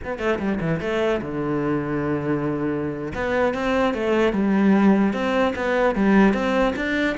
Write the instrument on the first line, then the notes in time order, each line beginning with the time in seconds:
cello
0.04 B3
0.18 A3
0.39 G3
0.60 E3
0.80 A3
1.21 D3
3.14 B3
3.54 C4
3.94 A3
4.33 G3
5.13 C4
5.55 B3
5.95 G3
6.33 C4
6.76 D4